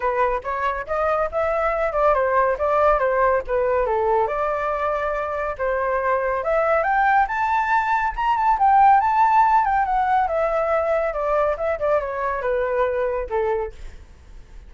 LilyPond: \new Staff \with { instrumentName = "flute" } { \time 4/4 \tempo 4 = 140 b'4 cis''4 dis''4 e''4~ | e''8 d''8 c''4 d''4 c''4 | b'4 a'4 d''2~ | d''4 c''2 e''4 |
g''4 a''2 ais''8 a''8 | g''4 a''4. g''8 fis''4 | e''2 d''4 e''8 d''8 | cis''4 b'2 a'4 | }